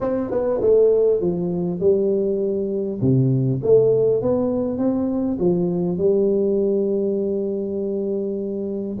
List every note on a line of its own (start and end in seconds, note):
0.00 0.30 C4
0.30 0.60 B3
0.61 1.20 A3
1.20 1.80 F3
1.80 3.00 G3
3.01 3.61 C3
3.63 4.22 A3
4.22 4.78 B3
4.78 5.38 C4
5.39 5.97 F3
5.97 8.97 G3